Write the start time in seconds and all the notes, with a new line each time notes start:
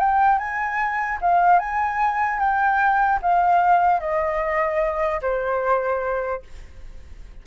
0.00 G5
0.39 G#5
1.22 F5
1.59 G#5
2.40 G5
3.22 F5
4.00 D#5
5.22 C5